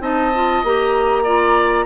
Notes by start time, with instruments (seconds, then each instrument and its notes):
0.00 bassoon C4, clarinet D#4, oboe D#5, flute A5
0.34 clarinet F4
0.63 bassoon A#3, clarinet G4, flute A#5
1.23 clarinet F4, oboe D5